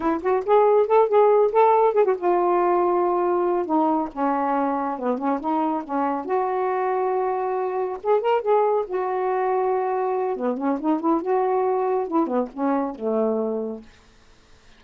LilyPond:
\new Staff \with { instrumentName = "saxophone" } { \time 4/4 \tempo 4 = 139 e'8 fis'8 gis'4 a'8 gis'4 a'8~ | a'8 gis'16 fis'16 f'2.~ | f'8 dis'4 cis'2 b8 | cis'8 dis'4 cis'4 fis'4.~ |
fis'2~ fis'8 gis'8 ais'8 gis'8~ | gis'8 fis'2.~ fis'8 | b8 cis'8 dis'8 e'8 fis'2 | e'8 b8 cis'4 a2 | }